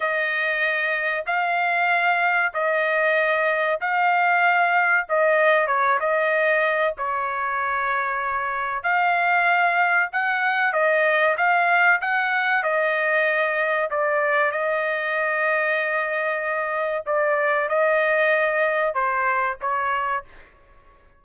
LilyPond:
\new Staff \with { instrumentName = "trumpet" } { \time 4/4 \tempo 4 = 95 dis''2 f''2 | dis''2 f''2 | dis''4 cis''8 dis''4. cis''4~ | cis''2 f''2 |
fis''4 dis''4 f''4 fis''4 | dis''2 d''4 dis''4~ | dis''2. d''4 | dis''2 c''4 cis''4 | }